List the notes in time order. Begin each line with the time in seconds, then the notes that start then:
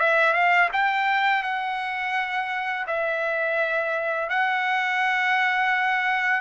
0.00 E5
0.33 F5
0.72 G5
1.43 F#5
2.87 E5
4.29 F#5